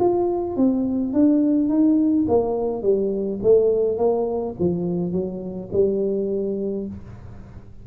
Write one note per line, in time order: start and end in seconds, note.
0.00 0.57 F4
0.57 1.14 C4
1.14 1.69 D4
1.69 2.26 D#4
2.28 2.83 A#3
2.83 3.40 G3
3.43 3.98 A3
3.98 4.55 A#3
4.60 5.12 F3
5.12 5.70 F#3
5.73 6.87 G3